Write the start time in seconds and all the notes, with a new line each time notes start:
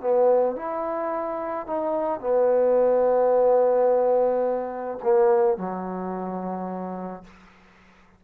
0.00 B3
0.55 E4
1.66 D#4
2.20 B3
5.03 A#3
5.57 F#3